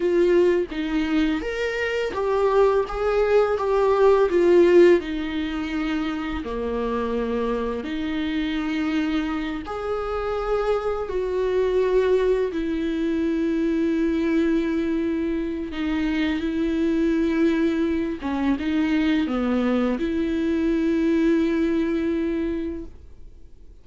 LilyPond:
\new Staff \with { instrumentName = "viola" } { \time 4/4 \tempo 4 = 84 f'4 dis'4 ais'4 g'4 | gis'4 g'4 f'4 dis'4~ | dis'4 ais2 dis'4~ | dis'4. gis'2 fis'8~ |
fis'4. e'2~ e'8~ | e'2 dis'4 e'4~ | e'4. cis'8 dis'4 b4 | e'1 | }